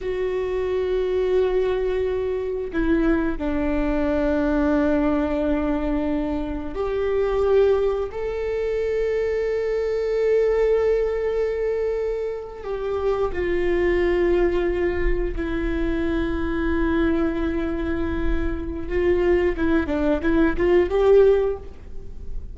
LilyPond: \new Staff \with { instrumentName = "viola" } { \time 4/4 \tempo 4 = 89 fis'1 | e'4 d'2.~ | d'2 g'2 | a'1~ |
a'2~ a'8. g'4 f'16~ | f'2~ f'8. e'4~ e'16~ | e'1 | f'4 e'8 d'8 e'8 f'8 g'4 | }